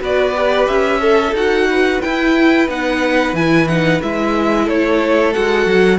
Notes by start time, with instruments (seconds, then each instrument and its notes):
0.00 cello B3, viola F#4, violin B4 D5
0.36 viola G4
0.67 cello C#4, violin E5
1.00 viola A4, violin A4
1.33 cello D#4, viola F#4, violin F#5
1.70 violin B4
2.02 viola E4, cello E4, violin G5
2.68 cello B3, viola D#4, violin F#5
3.33 cello E3, viola E4, violin G#5
3.68 viola D#4, violin F#5
4.02 cello G#3, viola E4, violin E5
4.65 cello A3, violin A4 C#5
5.33 cello G#3, viola F#4, violin F#5
5.66 cello F#3